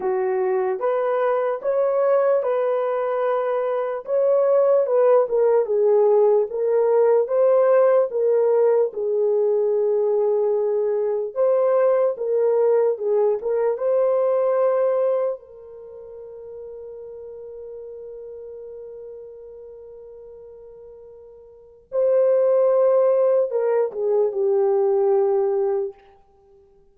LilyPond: \new Staff \with { instrumentName = "horn" } { \time 4/4 \tempo 4 = 74 fis'4 b'4 cis''4 b'4~ | b'4 cis''4 b'8 ais'8 gis'4 | ais'4 c''4 ais'4 gis'4~ | gis'2 c''4 ais'4 |
gis'8 ais'8 c''2 ais'4~ | ais'1~ | ais'2. c''4~ | c''4 ais'8 gis'8 g'2 | }